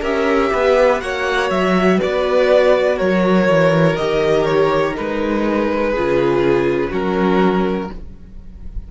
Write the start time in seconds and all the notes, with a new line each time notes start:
0.00 C#4 G4 A#4 E5
0.52 B3 B4
1.00 A#3 F#4 C#5 F#5
1.50 F#3 E5
1.97 B4 D5
2.04 B3
2.95 F#3 A#4 C#5
3.48 E3
3.96 D#3 G4 D#5
4.44 C#5
4.94 G#3 D#4 B4
5.90 C#3 F4 G#4
6.90 F#3 C#4 F#4 A#4